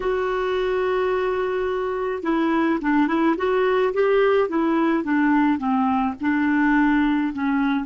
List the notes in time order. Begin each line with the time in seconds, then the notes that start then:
0.00 F#4
2.23 E4
2.81 D4
3.07 E4
3.37 F#4
3.93 G4
4.49 E4
5.03 D4
5.58 C4
6.21 D4
7.33 C#4